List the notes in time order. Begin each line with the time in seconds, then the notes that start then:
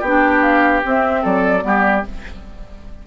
0.00 B3 D4 G4 G5
0.42 F5
0.84 C4 E5
1.22 F#3 A4 D5
1.61 G3 B3 G4